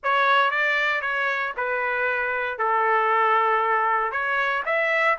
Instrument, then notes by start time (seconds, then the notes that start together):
trumpet
0.03 C#5
0.51 D5
1.01 C#5
1.56 B4
2.58 A4
4.11 C#5
4.65 E5